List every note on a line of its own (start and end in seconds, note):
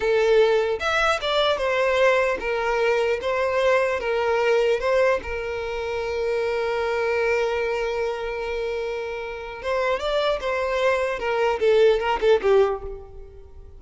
0.00 0.79 A4
0.79 1.19 E5
1.21 1.57 D5
1.57 2.37 C5
2.40 3.20 A#4
3.21 4.00 C5
4.00 4.80 A#4
4.80 5.20 C5
5.23 9.62 A#4
9.62 9.99 C5
9.99 10.39 D5
10.40 11.19 C5
11.19 11.59 A#4
11.59 11.99 A4
11.99 12.19 A#4
12.21 12.41 A4
12.42 12.82 G4